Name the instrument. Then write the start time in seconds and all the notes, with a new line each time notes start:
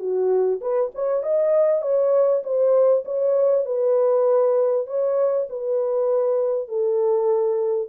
horn
0.00 F#4
0.61 B4
0.95 C#5
1.23 D#5
1.82 C#5
2.44 C5
3.05 C#5
3.66 B4
4.87 C#5
5.50 B4
6.69 A4